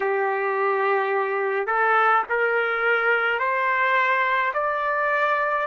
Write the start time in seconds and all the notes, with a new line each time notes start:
0.00 G4
1.66 A4
2.29 A#4
3.39 C5
4.53 D5